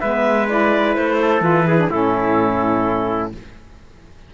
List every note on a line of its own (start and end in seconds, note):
0.00 0.97 G#3
0.00 0.49 B3
0.00 1.19 B4
0.00 0.47 E5
0.49 1.41 E4
0.49 0.95 D5
0.95 1.41 A3
0.95 1.43 C5
1.22 1.68 A4
1.41 1.88 E3
1.41 1.64 F4
1.41 1.90 B4
1.67 1.78 E4
1.67 1.91 G#4
1.78 1.90 D4
1.91 3.33 A2
1.91 3.34 C#4
1.91 3.33 E4
1.91 3.32 A4